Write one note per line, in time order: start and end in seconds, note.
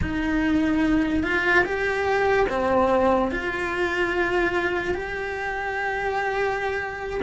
0.01 1.23 D#4
1.23 1.64 F4
1.64 2.47 G4
2.49 3.31 C4
3.31 4.94 F4
4.94 7.20 G4